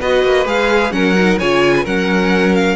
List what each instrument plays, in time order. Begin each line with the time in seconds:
0.00 cello B3, viola F#4, violin B4 D#5
0.23 cello A#3
0.45 cello G#3, viola G#4, violin F5
0.91 cello F#3, viola C#4, violin A#4 F#5
1.17 viola D#4
1.39 cello C#3, viola F4, violin C#5 G#5
1.76 violin B4
1.83 cello F#3, viola C#4, violin A#4 F#5
2.55 violin F5